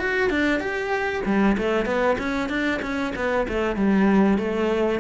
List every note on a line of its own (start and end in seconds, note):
0.00 0.30 F#4
0.30 0.60 D4
0.60 1.22 G4
1.26 1.57 G3
1.58 1.86 A3
1.86 2.17 B3
2.19 2.49 C#4
2.49 2.80 D4
2.82 3.13 C#4
3.16 3.47 B3
3.48 3.76 A3
3.76 4.38 G3
4.38 5.00 A3